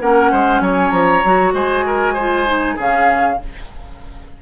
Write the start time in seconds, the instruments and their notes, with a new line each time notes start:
0.00 bassoon A#3, clarinet C#4, oboe A#4, flute F#5
0.31 bassoon G#3, oboe C5
0.60 bassoon F#3, oboe C#5, flute G#5
0.90 bassoon F3, flute A#5
1.24 bassoon F#3, clarinet F#4
1.53 bassoon G#3, oboe C5, flute G#5
1.86 oboe A#4
2.13 clarinet F4, oboe C5
2.46 clarinet D#4
2.76 bassoon C#3, clarinet C#4, oboe G#4, flute F5